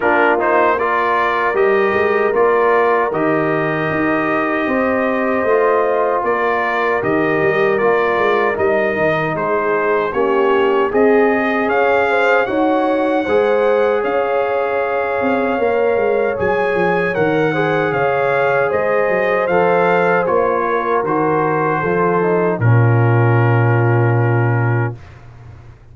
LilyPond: <<
  \new Staff \with { instrumentName = "trumpet" } { \time 4/4 \tempo 4 = 77 ais'8 c''8 d''4 dis''4 d''4 | dis''1 | d''4 dis''4 d''4 dis''4 | c''4 cis''4 dis''4 f''4 |
fis''2 f''2~ | f''4 gis''4 fis''4 f''4 | dis''4 f''4 cis''4 c''4~ | c''4 ais'2. | }
  \new Staff \with { instrumentName = "horn" } { \time 4/4 f'4 ais'2.~ | ais'2 c''2 | ais'1 | gis'4 g'4 gis'4 cis''8 c''8 |
cis''4 c''4 cis''2~ | cis''2~ cis''8 c''8 cis''4 | c''2~ c''8 ais'4. | a'4 f'2. | }
  \new Staff \with { instrumentName = "trombone" } { \time 4/4 d'8 dis'8 f'4 g'4 f'4 | g'2. f'4~ | f'4 g'4 f'4 dis'4~ | dis'4 cis'4 gis'2 |
fis'4 gis'2. | ais'4 gis'4 ais'8 gis'4.~ | gis'4 a'4 f'4 fis'4 | f'8 dis'8 cis'2. | }
  \new Staff \with { instrumentName = "tuba" } { \time 4/4 ais2 g8 gis8 ais4 | dis4 dis'4 c'4 a4 | ais4 dis8 g8 ais8 gis8 g8 dis8 | gis4 ais4 c'4 cis'4 |
dis'4 gis4 cis'4. c'8 | ais8 gis8 fis8 f8 dis4 cis4 | gis8 fis8 f4 ais4 dis4 | f4 ais,2. | }
>>